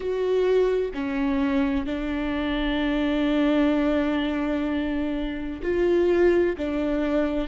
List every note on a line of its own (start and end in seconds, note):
0.00 0.91 F#4
0.94 1.86 C#4
1.86 5.61 D4
5.62 6.56 F4
6.57 7.48 D4